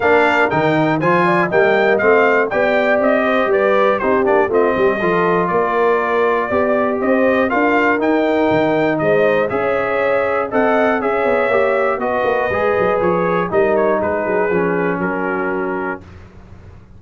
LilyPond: <<
  \new Staff \with { instrumentName = "trumpet" } { \time 4/4 \tempo 4 = 120 f''4 g''4 gis''4 g''4 | f''4 g''4 dis''4 d''4 | c''8 d''8 dis''2 d''4~ | d''2 dis''4 f''4 |
g''2 dis''4 e''4~ | e''4 fis''4 e''2 | dis''2 cis''4 dis''8 cis''8 | b'2 ais'2 | }
  \new Staff \with { instrumentName = "horn" } { \time 4/4 ais'2 c''8 d''8 dis''4~ | dis''4 d''4. c''8 b'4 | g'4 f'8 g'8 a'4 ais'4~ | ais'4 d''4 c''4 ais'4~ |
ais'2 c''4 cis''4~ | cis''4 dis''4 cis''2 | b'2. ais'4 | gis'2 fis'2 | }
  \new Staff \with { instrumentName = "trombone" } { \time 4/4 d'4 dis'4 f'4 ais4 | c'4 g'2. | dis'8 d'8 c'4 f'2~ | f'4 g'2 f'4 |
dis'2. gis'4~ | gis'4 a'4 gis'4 g'4 | fis'4 gis'2 dis'4~ | dis'4 cis'2. | }
  \new Staff \with { instrumentName = "tuba" } { \time 4/4 ais4 dis4 f4 g4 | a4 b4 c'4 g4 | c'8 ais8 a8 g8 f4 ais4~ | ais4 b4 c'4 d'4 |
dis'4 dis4 gis4 cis'4~ | cis'4 c'4 cis'8 b8 ais4 | b8 ais8 gis8 fis8 f4 g4 | gis8 fis8 f4 fis2 | }
>>